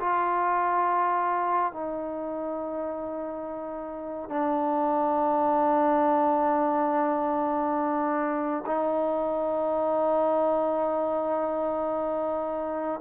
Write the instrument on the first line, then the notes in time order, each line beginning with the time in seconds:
trombone
0.00 F4
1.73 D#4
4.30 D4
8.66 D#4